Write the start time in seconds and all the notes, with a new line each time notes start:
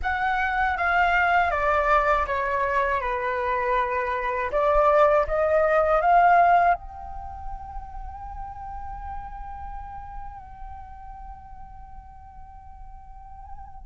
0.02 F#5
0.77 F5
1.50 D5
2.26 C#5
3.00 B4
4.51 D5
5.27 D#5
6.01 F5
6.74 G5